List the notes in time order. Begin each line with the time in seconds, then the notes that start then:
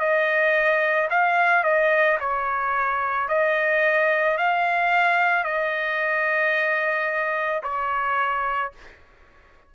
0.00 D#5
1.11 F5
1.64 D#5
2.21 C#5
3.29 D#5
4.38 F5
5.44 D#5
7.63 C#5